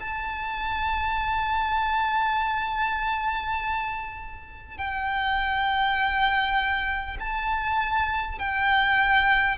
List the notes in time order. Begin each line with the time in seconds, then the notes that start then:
0.00 A5
4.78 G5
7.19 A5
8.38 G5